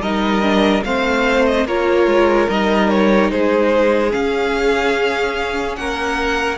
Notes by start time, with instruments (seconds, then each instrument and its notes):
0.00 cello G3, viola D#4, violin A#4 D#5
0.42 viola D4
0.84 cello A3, viola C4, violin C5 F5
1.46 violin D#5
1.66 cello A#3, viola F4, violin A#4 C#5
2.07 cello G#3
2.49 cello G3, viola D#4, violin D#5
2.89 violin C#5
3.30 cello G#3, violin G#4 C5
4.10 viola C#4, cello C#4, violin F5
5.76 cello A#3, violin A#4 F#5